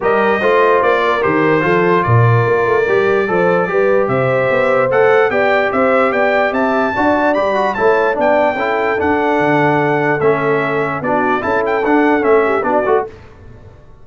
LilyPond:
<<
  \new Staff \with { instrumentName = "trumpet" } { \time 4/4 \tempo 4 = 147 dis''2 d''4 c''4~ | c''4 d''2.~ | d''2 e''2 | fis''4 g''4 e''4 g''4 |
a''2 b''4 a''4 | g''2 fis''2~ | fis''4 e''2 d''4 | a''8 g''8 fis''4 e''4 d''4 | }
  \new Staff \with { instrumentName = "horn" } { \time 4/4 ais'4 c''4. ais'4. | a'4 ais'2. | c''4 b'4 c''2~ | c''4 d''4 c''4 d''4 |
e''4 d''2 cis''4 | d''4 a'2.~ | a'2. fis'4 | a'2~ a'8 g'8 fis'4 | }
  \new Staff \with { instrumentName = "trombone" } { \time 4/4 g'4 f'2 g'4 | f'2. g'4 | a'4 g'2. | a'4 g'2.~ |
g'4 fis'4 g'8 fis'8 e'4 | d'4 e'4 d'2~ | d'4 cis'2 d'4 | e'4 d'4 cis'4 d'8 fis'8 | }
  \new Staff \with { instrumentName = "tuba" } { \time 4/4 g4 a4 ais4 dis4 | f4 ais,4 ais8 a8 g4 | f4 g4 c4 b4 | a4 b4 c'4 b4 |
c'4 d'4 g4 a4 | b4 cis'4 d'4 d4~ | d4 a2 b4 | cis'4 d'4 a4 b8 a8 | }
>>